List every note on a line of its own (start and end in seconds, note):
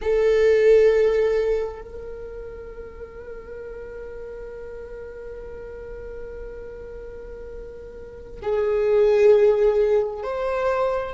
0.01 1.81 A4
1.81 8.40 A#4
8.42 10.23 G#4
10.23 11.14 C5